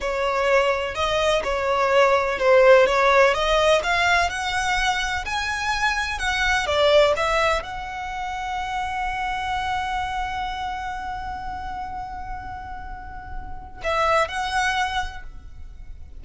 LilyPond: \new Staff \with { instrumentName = "violin" } { \time 4/4 \tempo 4 = 126 cis''2 dis''4 cis''4~ | cis''4 c''4 cis''4 dis''4 | f''4 fis''2 gis''4~ | gis''4 fis''4 d''4 e''4 |
fis''1~ | fis''1~ | fis''1~ | fis''4 e''4 fis''2 | }